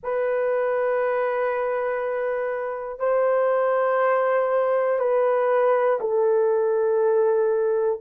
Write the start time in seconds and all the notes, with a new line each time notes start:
0.03 B4
2.99 C5
4.99 B4
6.00 A4